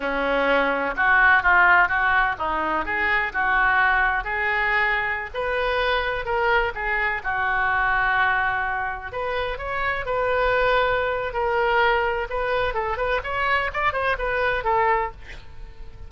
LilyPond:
\new Staff \with { instrumentName = "oboe" } { \time 4/4 \tempo 4 = 127 cis'2 fis'4 f'4 | fis'4 dis'4 gis'4 fis'4~ | fis'4 gis'2~ gis'16 b'8.~ | b'4~ b'16 ais'4 gis'4 fis'8.~ |
fis'2.~ fis'16 b'8.~ | b'16 cis''4 b'2~ b'8. | ais'2 b'4 a'8 b'8 | cis''4 d''8 c''8 b'4 a'4 | }